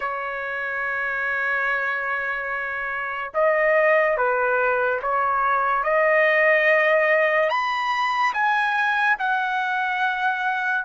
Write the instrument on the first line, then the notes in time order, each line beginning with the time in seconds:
trumpet
0.00 C#5
3.33 D#5
4.17 B4
5.02 C#5
5.83 D#5
7.49 B5
8.33 G#5
9.19 F#5